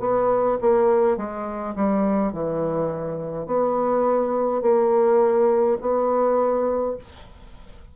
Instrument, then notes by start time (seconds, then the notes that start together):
bassoon
0.00 B3
0.61 A#3
1.17 G#3
1.76 G3
2.32 E3
3.47 B3
4.62 A#3
5.81 B3